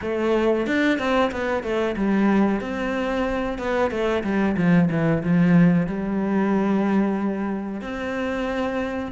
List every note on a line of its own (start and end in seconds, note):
0.01 0.66 A3
0.66 0.98 D4
0.98 1.31 C4
1.31 1.63 B3
1.63 1.95 A3
1.96 2.61 G3
2.61 3.58 C4
3.58 3.90 B3
3.90 4.23 A3
4.23 4.56 G3
4.56 4.89 F3
4.90 5.23 E3
5.23 5.86 F3
5.86 7.81 G3
7.81 9.12 C4